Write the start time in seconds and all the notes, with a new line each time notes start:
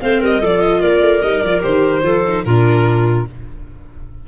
0.00 A3 C4 C5 F5
0.20 G3 A#4 D#5
0.40 F3 F4 A4 D5
0.61 D#5
0.80 A#3 A#4 D5
1.01 A3
1.21 G3 D#4 D#5
1.41 F3 F4 D5
1.60 D#3 G4 C5
2.02 F3 F4 A4
2.26 D#4
2.45 A#2 D4 F4 A#4